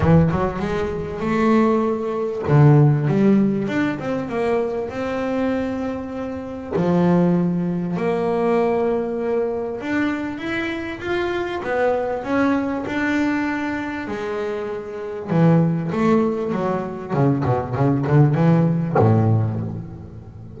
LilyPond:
\new Staff \with { instrumentName = "double bass" } { \time 4/4 \tempo 4 = 98 e8 fis8 gis4 a2 | d4 g4 d'8 c'8 ais4 | c'2. f4~ | f4 ais2. |
d'4 e'4 f'4 b4 | cis'4 d'2 gis4~ | gis4 e4 a4 fis4 | cis8 b,8 cis8 d8 e4 a,4 | }